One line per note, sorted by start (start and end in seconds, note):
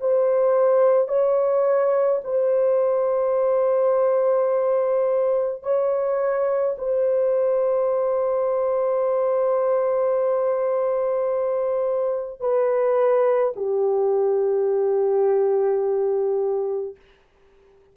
0.00 1.08 C5
1.08 2.21 C#5
2.24 5.63 C5
5.63 6.76 C#5
6.78 12.41 C5
12.41 13.54 B4
13.56 16.96 G4